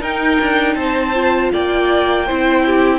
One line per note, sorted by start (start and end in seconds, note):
0.00 1.13 D#4
0.00 0.39 D#4
0.00 0.75 A#4
0.00 0.75 G5
0.41 0.75 D4
0.75 1.50 C4
0.75 1.52 C5
0.75 1.50 A5
1.14 2.26 F4
1.52 2.30 A#3
1.52 2.26 D5
1.52 2.99 G5
2.26 2.99 C4
2.26 2.99 E4
2.26 2.63 C5
2.66 2.99 G4